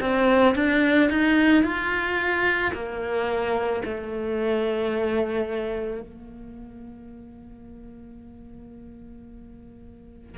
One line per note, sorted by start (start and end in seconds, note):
0.00 0.55 C4
0.55 1.10 D4
1.10 1.63 D#4
1.63 2.72 F4
2.73 3.82 A#3
3.84 6.01 A3
6.01 10.37 A#3